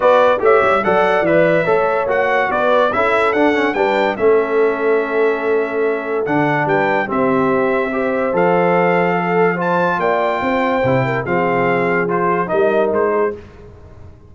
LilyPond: <<
  \new Staff \with { instrumentName = "trumpet" } { \time 4/4 \tempo 4 = 144 d''4 e''4 fis''4 e''4~ | e''4 fis''4 d''4 e''4 | fis''4 g''4 e''2~ | e''2. fis''4 |
g''4 e''2. | f''2. a''4 | g''2. f''4~ | f''4 c''4 dis''4 c''4 | }
  \new Staff \with { instrumentName = "horn" } { \time 4/4 b'4 cis''4 d''2 | cis''2 b'4 a'4~ | a'4 b'4 a'2~ | a'1 |
b'4 g'2 c''4~ | c''2 a'4 c''4 | d''4 c''4. ais'8 gis'4~ | gis'2 ais'4. gis'8 | }
  \new Staff \with { instrumentName = "trombone" } { \time 4/4 fis'4 g'4 a'4 b'4 | a'4 fis'2 e'4 | d'8 cis'8 d'4 cis'2~ | cis'2. d'4~ |
d'4 c'2 g'4 | a'2. f'4~ | f'2 e'4 c'4~ | c'4 f'4 dis'2 | }
  \new Staff \with { instrumentName = "tuba" } { \time 4/4 b4 a8 g8 fis4 e4 | a4 ais4 b4 cis'4 | d'4 g4 a2~ | a2. d4 |
g4 c'2. | f1 | ais4 c'4 c4 f4~ | f2 g4 gis4 | }
>>